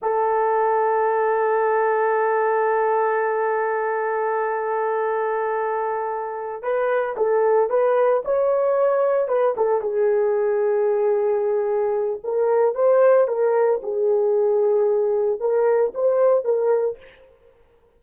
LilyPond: \new Staff \with { instrumentName = "horn" } { \time 4/4 \tempo 4 = 113 a'1~ | a'1~ | a'1~ | a'8 b'4 a'4 b'4 cis''8~ |
cis''4. b'8 a'8 gis'4.~ | gis'2. ais'4 | c''4 ais'4 gis'2~ | gis'4 ais'4 c''4 ais'4 | }